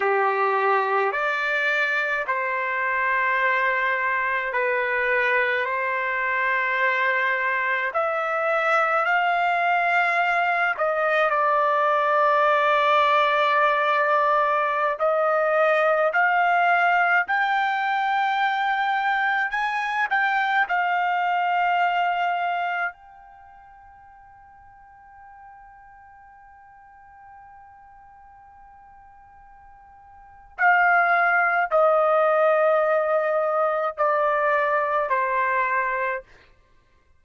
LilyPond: \new Staff \with { instrumentName = "trumpet" } { \time 4/4 \tempo 4 = 53 g'4 d''4 c''2 | b'4 c''2 e''4 | f''4. dis''8 d''2~ | d''4~ d''16 dis''4 f''4 g''8.~ |
g''4~ g''16 gis''8 g''8 f''4.~ f''16~ | f''16 g''2.~ g''8.~ | g''2. f''4 | dis''2 d''4 c''4 | }